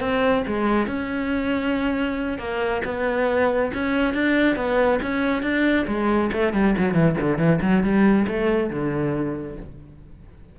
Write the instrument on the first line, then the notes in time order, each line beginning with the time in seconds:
cello
0.00 C4
0.47 G#3
0.87 C#4
2.38 A#3
2.84 B3
3.73 C#4
4.14 D4
4.56 B3
5.02 C#4
5.42 D4
5.87 G#3
6.32 A3
6.53 G3
6.78 F#3
6.94 E3
7.20 D3
7.38 E3
7.62 F#3
7.83 G3
8.27 A3
8.70 D3